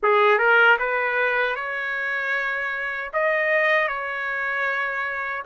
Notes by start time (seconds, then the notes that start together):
0.02 G#4
0.38 A#4
0.78 B4
1.55 C#5
3.13 D#5
3.87 C#5